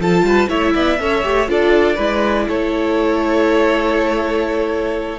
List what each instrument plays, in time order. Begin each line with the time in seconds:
0.00 cello F3, viola F4, violin A4 A5
0.22 cello G3, violin B4
0.49 cello A3, viola E4, violin C#5 E5
0.74 cello B3, violin D5
0.99 cello C#4, viola A4, violin C#5
1.23 cello A3, viola G4
1.47 cello D4, viola F4, violin A4 D5
1.95 cello G#3, viola E4, violin B4
2.47 cello A3, violin A4 C#5